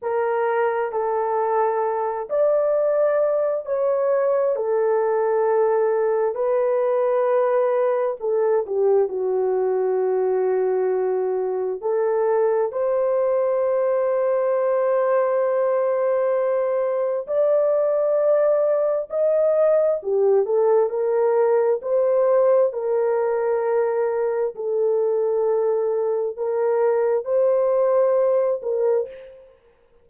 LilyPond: \new Staff \with { instrumentName = "horn" } { \time 4/4 \tempo 4 = 66 ais'4 a'4. d''4. | cis''4 a'2 b'4~ | b'4 a'8 g'8 fis'2~ | fis'4 a'4 c''2~ |
c''2. d''4~ | d''4 dis''4 g'8 a'8 ais'4 | c''4 ais'2 a'4~ | a'4 ais'4 c''4. ais'8 | }